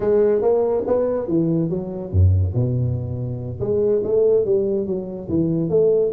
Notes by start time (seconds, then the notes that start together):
0.00 G#3
0.41 A#3
0.86 B3
1.27 E3
1.69 F#3
2.11 F#2
2.54 B2
3.59 G#3
4.03 A3
4.45 G3
4.86 F#3
5.28 E3
5.69 A3